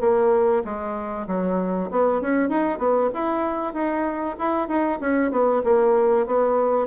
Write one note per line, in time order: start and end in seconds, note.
0.00 0.62 A#3
0.64 1.27 G#3
1.27 1.89 F#3
1.90 2.21 B3
2.21 2.49 C#4
2.49 2.78 D#4
2.78 3.09 B3
3.14 3.73 E4
3.73 4.36 D#4
4.38 4.68 E4
4.68 4.99 D#4
5.00 5.31 C#4
5.31 5.62 B3
5.64 6.26 A#3
6.26 6.87 B3